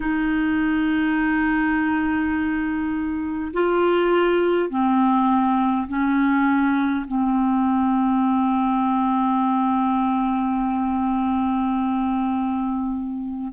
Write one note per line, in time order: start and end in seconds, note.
0.00 3.52 D#4
3.53 4.69 F4
4.69 5.87 C4
5.88 7.05 C#4
7.07 13.52 C4